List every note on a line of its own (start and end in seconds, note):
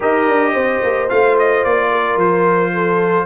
0.00 0.27 D#4
0.00 1.08 G4
0.00 0.52 A#4
0.00 1.09 D#5
0.27 0.54 D4
0.53 0.81 C4
0.53 1.90 C5
0.83 1.10 A#3
1.09 1.64 A3
1.09 3.25 F4
1.09 1.36 F5
1.38 1.64 D#5
1.64 2.16 A#3
1.64 2.18 D5
1.91 2.72 A#4
2.16 3.25 F3
2.16 3.25 C5
2.73 3.25 A4